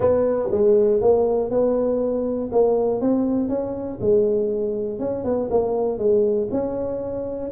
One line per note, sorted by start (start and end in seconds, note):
0.00 0.49 B3
0.51 1.01 G#3
1.01 1.50 A#3
1.50 2.50 B3
2.52 3.00 A#3
3.00 3.48 C4
3.48 3.98 C#4
4.00 4.99 G#3
4.99 5.24 C#4
5.24 5.49 B3
5.50 5.98 A#3
5.98 6.48 G#3
6.51 7.51 C#4